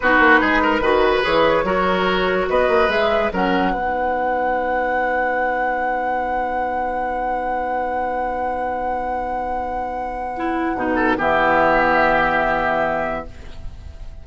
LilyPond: <<
  \new Staff \with { instrumentName = "flute" } { \time 4/4 \tempo 4 = 145 b'2. cis''4~ | cis''2 dis''4 e''4 | fis''1~ | fis''1~ |
fis''1~ | fis''1~ | fis''2. e''4~ | e''1 | }
  \new Staff \with { instrumentName = "oboe" } { \time 4/4 fis'4 gis'8 ais'8 b'2 | ais'2 b'2 | ais'4 b'2.~ | b'1~ |
b'1~ | b'1~ | b'2~ b'8 a'8 g'4~ | g'1 | }
  \new Staff \with { instrumentName = "clarinet" } { \time 4/4 dis'2 fis'4 gis'4 | fis'2. gis'4 | cis'4 dis'2.~ | dis'1~ |
dis'1~ | dis'1~ | dis'4 e'4 dis'4 b4~ | b1 | }
  \new Staff \with { instrumentName = "bassoon" } { \time 4/4 b8 ais8 gis4 dis4 e4 | fis2 b8 ais8 gis4 | fis4 b2.~ | b1~ |
b1~ | b1~ | b2 b,4 e4~ | e1 | }
>>